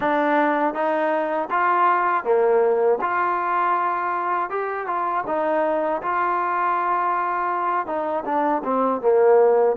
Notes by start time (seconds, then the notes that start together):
0.00 D4
0.73 D#4
1.50 F4
2.23 A#3
3.01 F4
4.50 G4
4.86 F4
5.26 D#4
6.01 F4
7.86 D#4
8.25 D4
8.64 C4
9.01 A#3